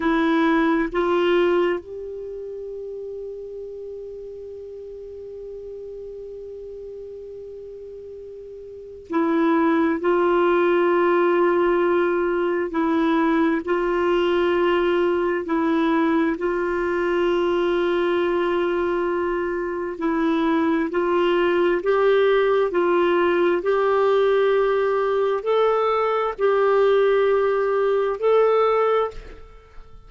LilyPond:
\new Staff \with { instrumentName = "clarinet" } { \time 4/4 \tempo 4 = 66 e'4 f'4 g'2~ | g'1~ | g'2 e'4 f'4~ | f'2 e'4 f'4~ |
f'4 e'4 f'2~ | f'2 e'4 f'4 | g'4 f'4 g'2 | a'4 g'2 a'4 | }